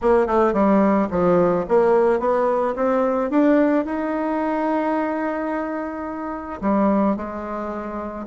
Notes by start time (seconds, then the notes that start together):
0.01 A#3
0.26 A3
0.53 G3
1.10 F3
1.68 A#3
2.19 B3
2.75 C4
3.30 D4
3.85 D#4
6.61 G3
7.16 G#3